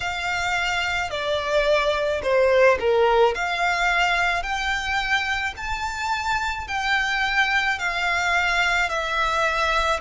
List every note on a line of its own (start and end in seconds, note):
0.00 1.10 F5
1.10 2.21 D5
2.22 2.78 C5
2.79 3.34 A#4
3.34 4.42 F5
4.42 5.54 G5
5.56 6.67 A5
6.67 7.78 G5
7.78 8.89 F5
8.89 10.00 E5